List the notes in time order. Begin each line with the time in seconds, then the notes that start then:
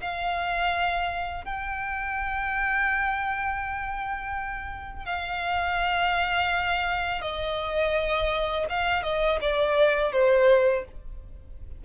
0.00 F5
1.44 G5
5.05 F5
7.21 D#5
8.69 F5
9.03 D#5
9.40 D5
10.12 C5